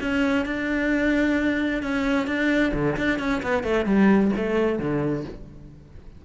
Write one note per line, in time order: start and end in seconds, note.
0.00 0.45 C#4
0.45 1.82 D4
1.82 2.27 C#4
2.27 2.72 D4
2.73 2.96 D3
2.96 3.19 D4
3.19 3.41 C#4
3.42 3.63 B3
3.63 3.85 A3
3.85 4.31 G3
4.36 4.79 A3
4.79 5.24 D3